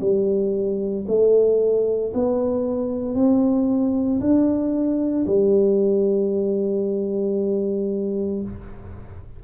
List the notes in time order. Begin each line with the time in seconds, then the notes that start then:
0.00 G3
1.07 A3
2.14 B3
3.14 C4
4.20 D4
5.26 G3